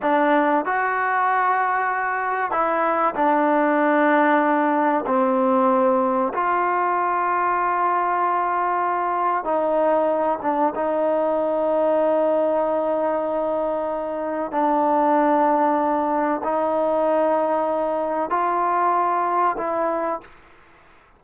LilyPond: \new Staff \with { instrumentName = "trombone" } { \time 4/4 \tempo 4 = 95 d'4 fis'2. | e'4 d'2. | c'2 f'2~ | f'2. dis'4~ |
dis'8 d'8 dis'2.~ | dis'2. d'4~ | d'2 dis'2~ | dis'4 f'2 e'4 | }